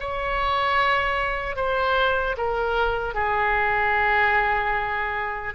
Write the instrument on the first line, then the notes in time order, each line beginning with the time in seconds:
oboe
0.00 C#5
1.56 C5
2.37 A#4
3.15 G#4